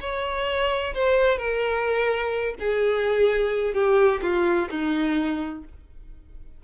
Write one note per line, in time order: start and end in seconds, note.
0.00 0.94 C#5
0.94 1.37 C5
1.37 2.54 A#4
2.59 3.74 G#4
3.74 4.21 G4
4.22 4.69 F4
4.70 5.64 D#4